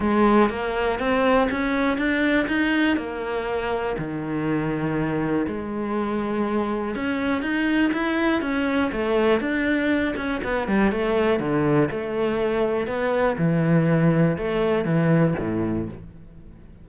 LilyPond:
\new Staff \with { instrumentName = "cello" } { \time 4/4 \tempo 4 = 121 gis4 ais4 c'4 cis'4 | d'4 dis'4 ais2 | dis2. gis4~ | gis2 cis'4 dis'4 |
e'4 cis'4 a4 d'4~ | d'8 cis'8 b8 g8 a4 d4 | a2 b4 e4~ | e4 a4 e4 a,4 | }